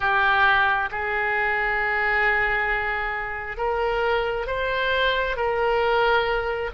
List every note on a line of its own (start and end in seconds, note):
0.00 0.89 G4
0.91 3.57 G#4
3.57 4.46 A#4
4.47 5.36 C5
5.36 6.70 A#4